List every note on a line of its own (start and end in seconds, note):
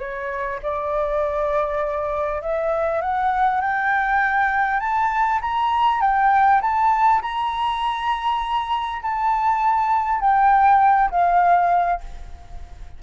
0.00 0.60 C#5
0.63 2.42 D5
2.42 3.02 E5
3.02 3.62 F#5
3.62 4.80 G5
4.80 5.40 A5
5.42 6.01 A#5
6.01 6.61 G5
6.62 7.22 A5
7.22 9.02 A#5
9.02 10.21 A5
10.21 11.11 G5
11.11 12.01 F5